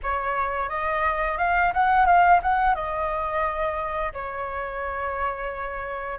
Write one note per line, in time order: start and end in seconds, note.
0.02 0.69 C#5
0.69 1.38 D#5
1.38 1.72 F5
1.73 2.05 F#5
2.05 2.40 F5
2.42 2.75 F#5
2.75 4.13 D#5
4.13 6.19 C#5